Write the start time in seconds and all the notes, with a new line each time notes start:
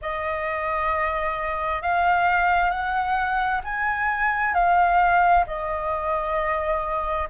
0.01 D#5
1.81 F5
2.70 F#5
3.64 G#5
4.54 F5
5.46 D#5